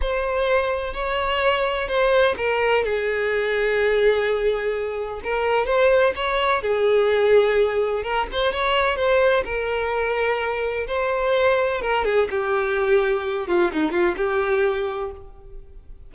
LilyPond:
\new Staff \with { instrumentName = "violin" } { \time 4/4 \tempo 4 = 127 c''2 cis''2 | c''4 ais'4 gis'2~ | gis'2. ais'4 | c''4 cis''4 gis'2~ |
gis'4 ais'8 c''8 cis''4 c''4 | ais'2. c''4~ | c''4 ais'8 gis'8 g'2~ | g'8 f'8 dis'8 f'8 g'2 | }